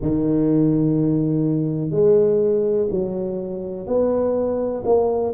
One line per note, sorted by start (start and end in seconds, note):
0.01 1.90 D#3
1.90 2.87 G#3
2.90 3.87 F#3
3.87 4.83 B3
4.85 5.33 A#3